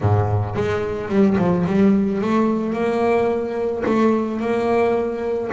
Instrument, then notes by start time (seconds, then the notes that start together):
double bass
0.00 G#2
0.55 G#3
1.08 G3
1.37 F3
1.66 G3
2.21 A3
2.73 A#3
3.85 A3
4.40 A#3